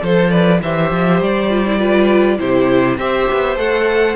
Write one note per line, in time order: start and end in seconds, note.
0.00 0.61 F3
0.00 0.59 A4
0.00 0.30 A4
0.00 0.30 C5
0.30 0.60 B4
0.30 0.60 D5
0.62 0.91 E3
0.62 1.50 G4
0.62 1.78 C5
0.62 1.22 E5
0.91 1.20 F3
1.20 2.39 G3
1.20 2.39 D5
1.50 1.65 F4
1.66 1.78 E4
1.78 2.38 F4
1.78 2.38 B4
2.38 2.97 C3
2.38 2.97 E4
2.38 3.00 G4
2.38 2.98 C5
2.97 3.27 C4
2.97 3.56 G4
2.97 4.16 C5
2.97 3.57 E5
3.32 3.56 B3
3.56 4.16 A3
3.56 4.15 A4
3.56 4.16 F#5